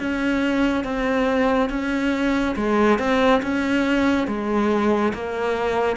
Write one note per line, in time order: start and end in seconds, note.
0.00 0.85 C#4
0.85 1.70 C4
1.70 2.56 C#4
2.56 2.99 G#3
2.99 3.42 C4
3.43 4.27 C#4
4.27 5.13 G#3
5.14 5.97 A#3